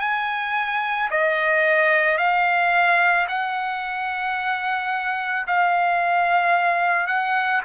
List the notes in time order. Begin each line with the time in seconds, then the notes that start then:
0.00 G#5
1.11 D#5
2.18 F5
3.28 F#5
5.47 F5
7.07 F#5